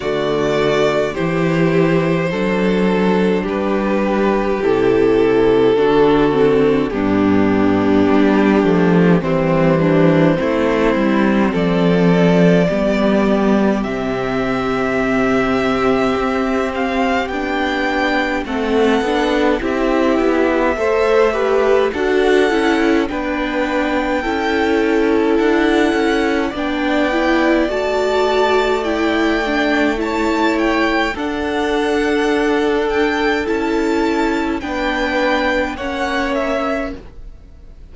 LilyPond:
<<
  \new Staff \with { instrumentName = "violin" } { \time 4/4 \tempo 4 = 52 d''4 c''2 b'4 | a'2 g'2 | c''2 d''2 | e''2~ e''8 f''8 g''4 |
fis''4 e''2 fis''4 | g''2 fis''4 g''4 | a''4 g''4 a''8 g''8 fis''4~ | fis''8 g''8 a''4 g''4 fis''8 e''8 | }
  \new Staff \with { instrumentName = "violin" } { \time 4/4 fis'4 g'4 a'4 g'4~ | g'4 fis'4 d'2 | c'8 d'8 e'4 a'4 g'4~ | g'1 |
a'4 g'4 c''8 b'8 a'4 | b'4 a'2 d''4~ | d''2 cis''4 a'4~ | a'2 b'4 cis''4 | }
  \new Staff \with { instrumentName = "viola" } { \time 4/4 a4 e'4 d'2 | e'4 d'8 c'8 b4. a8 | g4 c'2 b4 | c'2. d'4 |
c'8 d'8 e'4 a'8 g'8 fis'8 e'8 | d'4 e'2 d'8 e'8 | fis'4 e'8 d'8 e'4 d'4~ | d'4 e'4 d'4 cis'4 | }
  \new Staff \with { instrumentName = "cello" } { \time 4/4 d4 e4 fis4 g4 | c4 d4 g,4 g8 f8 | e4 a8 g8 f4 g4 | c2 c'4 b4 |
a8 b8 c'8 b8 a4 d'8 cis'8 | b4 cis'4 d'8 cis'8 b4 | a2. d'4~ | d'4 cis'4 b4 ais4 | }
>>